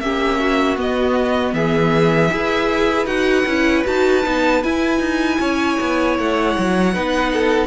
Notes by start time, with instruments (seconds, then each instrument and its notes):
0.00 cello A#3, viola C#4, violin G4 E5
0.40 violin F#4
0.77 viola B3, cello B3, violin D#5
1.53 cello E3, violin G#4 E5
2.30 cello E4, viola G#4, violin B4
3.06 cello D#4, viola F#4, violin F#5
3.46 cello C#4, viola E4
3.85 cello D#4, viola F#4, violin A5
4.23 cello B3, viola D#4
4.63 viola E4, cello E4, violin G#5
5.00 cello D#4
5.40 cello C#4, violin C#5
5.80 cello B3
6.18 cello A3, violin F#5
6.58 cello F#3
6.93 cello B3, viola D#4, violin B4
7.33 violin A4